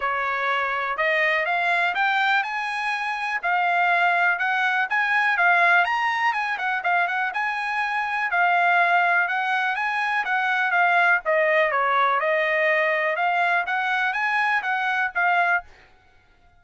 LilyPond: \new Staff \with { instrumentName = "trumpet" } { \time 4/4 \tempo 4 = 123 cis''2 dis''4 f''4 | g''4 gis''2 f''4~ | f''4 fis''4 gis''4 f''4 | ais''4 gis''8 fis''8 f''8 fis''8 gis''4~ |
gis''4 f''2 fis''4 | gis''4 fis''4 f''4 dis''4 | cis''4 dis''2 f''4 | fis''4 gis''4 fis''4 f''4 | }